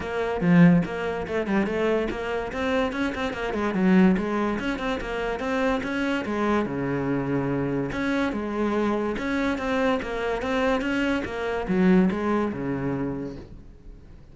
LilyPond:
\new Staff \with { instrumentName = "cello" } { \time 4/4 \tempo 4 = 144 ais4 f4 ais4 a8 g8 | a4 ais4 c'4 cis'8 c'8 | ais8 gis8 fis4 gis4 cis'8 c'8 | ais4 c'4 cis'4 gis4 |
cis2. cis'4 | gis2 cis'4 c'4 | ais4 c'4 cis'4 ais4 | fis4 gis4 cis2 | }